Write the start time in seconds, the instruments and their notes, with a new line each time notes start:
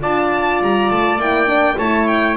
0.00 double bass D4, horn F4, trumpet D5, violin A5
0.61 double bass G3, violin A#5
0.90 double bass A3, violin A5
1.16 double bass A#3, horn E4, violin G5
1.46 horn D4
1.77 double bass A3, horn E4, trumpet C#5, violin A5
2.07 violin G5